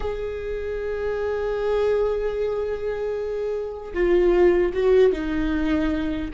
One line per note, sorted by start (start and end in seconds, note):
0.00 3.93 G#4
3.93 4.72 F4
4.73 5.12 F#4
5.12 6.31 D#4